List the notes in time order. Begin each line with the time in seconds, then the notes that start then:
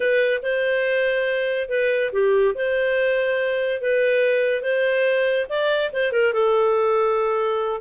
0.00 B4
0.42 C5
1.68 B4
2.12 G4
2.54 C5
3.81 B4
4.62 C5
5.49 D5
5.93 C5
6.12 A#4
6.33 A4